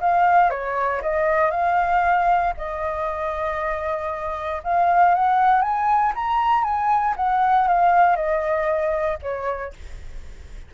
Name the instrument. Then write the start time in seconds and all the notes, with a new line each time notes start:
flute
0.00 F5
0.50 C#5
1.02 D#5
1.51 F5
2.57 D#5
4.63 F5
5.14 F#5
5.62 G#5
6.15 A#5
6.63 G#5
7.16 F#5
7.68 F5
8.16 D#5
9.22 C#5